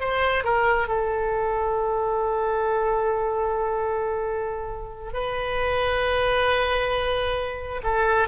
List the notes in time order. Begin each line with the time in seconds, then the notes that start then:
0.00 C5
0.44 A#4
0.88 A4
5.13 B4
7.83 A4